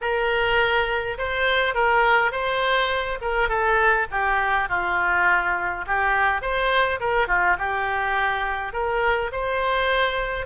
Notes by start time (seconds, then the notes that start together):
0.01 A#4
1.18 C5
1.74 A#4
2.31 C5
3.21 A#4
3.48 A4
4.11 G4
4.69 F4
5.86 G4
6.41 C5
7.00 A#4
7.27 F4
7.58 G4
8.72 A#4
9.32 C5